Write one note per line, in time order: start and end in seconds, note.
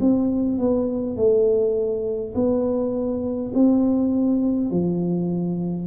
0.00 0.58 C4
0.58 1.16 B3
1.16 2.34 A3
2.35 3.52 B3
3.54 4.70 C4
4.70 5.87 F3